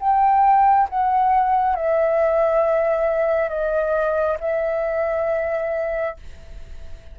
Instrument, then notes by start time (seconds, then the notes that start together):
flute
0.00 G5
0.90 F#5
1.76 E5
3.49 D#5
4.40 E5